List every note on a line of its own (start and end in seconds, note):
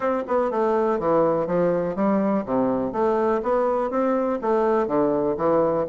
0.00 0.23 C4
0.27 0.51 B3
0.51 0.99 A3
0.99 1.46 E3
1.46 1.95 F3
1.95 2.44 G3
2.45 2.92 C3
2.92 3.41 A3
3.42 3.90 B3
3.90 4.39 C4
4.41 4.87 A3
4.87 5.36 D3
5.37 5.86 E3